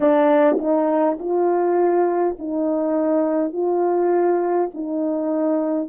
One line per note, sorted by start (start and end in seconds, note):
0.00 0.57 D4
0.59 1.18 D#4
1.19 2.36 F4
2.39 3.52 D#4
3.52 4.70 F4
4.73 5.88 D#4